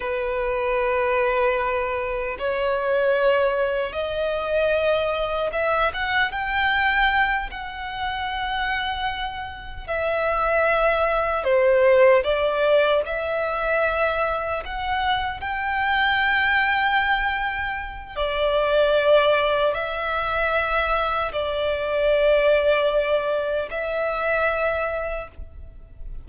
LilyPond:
\new Staff \with { instrumentName = "violin" } { \time 4/4 \tempo 4 = 76 b'2. cis''4~ | cis''4 dis''2 e''8 fis''8 | g''4. fis''2~ fis''8~ | fis''8 e''2 c''4 d''8~ |
d''8 e''2 fis''4 g''8~ | g''2. d''4~ | d''4 e''2 d''4~ | d''2 e''2 | }